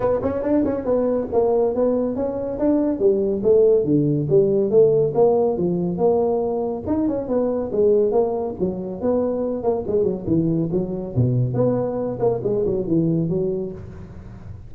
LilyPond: \new Staff \with { instrumentName = "tuba" } { \time 4/4 \tempo 4 = 140 b8 cis'8 d'8 cis'8 b4 ais4 | b4 cis'4 d'4 g4 | a4 d4 g4 a4 | ais4 f4 ais2 |
dis'8 cis'8 b4 gis4 ais4 | fis4 b4. ais8 gis8 fis8 | e4 fis4 b,4 b4~ | b8 ais8 gis8 fis8 e4 fis4 | }